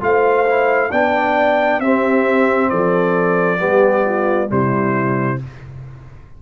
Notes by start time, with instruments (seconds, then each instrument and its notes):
0.00 tuba A3, trombone F4, horn C5, trumpet F5
0.46 trombone E4
0.90 tuba B3, trombone D4, horn D5, trumpet G5
1.79 tuba C4, trombone C4, horn G4, trumpet E5
2.69 tuba F3, horn A4, trumpet D5
3.58 tuba G3, trombone B3, horn G4
4.05 horn F4
4.46 tuba C3, trombone G3, horn E4, trumpet C5